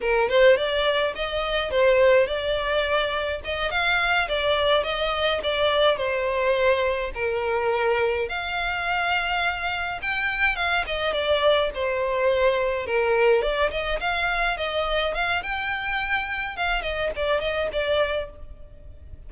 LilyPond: \new Staff \with { instrumentName = "violin" } { \time 4/4 \tempo 4 = 105 ais'8 c''8 d''4 dis''4 c''4 | d''2 dis''8 f''4 d''8~ | d''8 dis''4 d''4 c''4.~ | c''8 ais'2 f''4.~ |
f''4. g''4 f''8 dis''8 d''8~ | d''8 c''2 ais'4 d''8 | dis''8 f''4 dis''4 f''8 g''4~ | g''4 f''8 dis''8 d''8 dis''8 d''4 | }